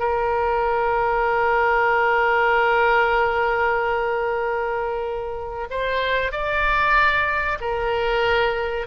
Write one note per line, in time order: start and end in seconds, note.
0.00 5.68 A#4
5.70 6.32 C5
6.32 7.59 D5
7.61 8.87 A#4